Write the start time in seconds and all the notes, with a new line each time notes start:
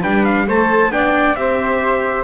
0.00 G3 D4 B4 G5
0.24 F5
0.47 A3 A4 C5 A5
0.89 B3 D4 D5 G5
1.34 C4 G4 C5 E5